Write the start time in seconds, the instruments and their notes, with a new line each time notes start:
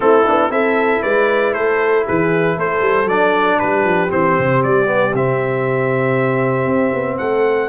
0.00 tuba A3, trombone C4, horn E4, trumpet A4
0.26 tuba B3, trombone D4
0.50 tuba C4, trombone E4, horn A4, trumpet E5
1.02 tuba G#3, horn B4, trumpet D5
1.53 tuba A3, horn A4, trumpet C5
2.06 tuba E3, horn G#4, trumpet B4
2.56 tuba A3, horn A4, trumpet C5
2.81 tuba G3
3.05 tuba F#3, trombone D4, trumpet D5
3.59 tuba G3, horn G4, trumpet B4
3.84 tuba F3
4.08 tuba E3, trombone C4, trumpet C5
4.38 tuba C3
4.63 tuba G3, trumpet D5
4.85 trombone B3
5.12 tuba C3, trombone C4, trumpet E5
6.66 tuba C4
6.93 tuba B3
7.17 tuba A3, horn A4, trumpet F#5